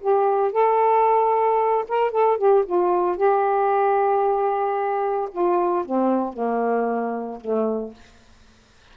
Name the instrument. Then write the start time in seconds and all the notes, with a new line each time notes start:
saxophone
0.00 G4
0.52 A4
1.88 A#4
2.11 A4
2.37 G4
2.65 F4
3.16 G4
5.31 F4
5.85 C4
6.33 A#3
7.41 A3